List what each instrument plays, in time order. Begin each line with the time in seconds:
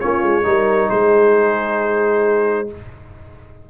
0.00 tuba A#3, trombone C#4, horn F4, trumpet C#5
0.22 tuba G#3
0.43 tuba G3, trombone D#4, horn A#4
0.90 tuba G#3, horn G#4, trumpet C5